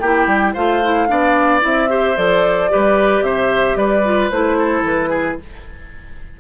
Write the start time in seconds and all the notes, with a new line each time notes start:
0.00 A#3 E4 G4 G5
0.27 G3
0.54 A3 F4 C5 F5
0.84 E4
1.08 B3 D4 D5
1.61 C4 E4 E5
1.89 G4 C5
2.17 F3 A4 D5
2.70 G3 G4 B4
3.22 C3 C5 E5
3.76 G3 B4 D5
4.04 F4
4.31 A3 E4 C5
4.58 A4
4.83 E3 B4
5.10 G#4